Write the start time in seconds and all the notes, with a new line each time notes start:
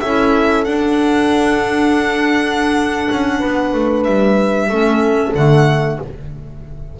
0.00 C#4 E4 A4 E5
0.64 D4 F#5
3.10 C#4
3.38 B3 B4
3.74 A3
4.03 G3 E5
4.69 A3 C#4 A4
5.34 D3 A3 F#5